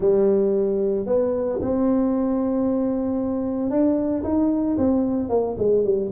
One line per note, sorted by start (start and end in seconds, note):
0.00 1.05 G3
1.05 1.59 B3
1.61 3.70 C4
3.70 4.23 D4
4.23 4.76 D#4
4.77 5.29 C4
5.29 5.55 A#3
5.58 5.84 G#3
5.84 6.11 G3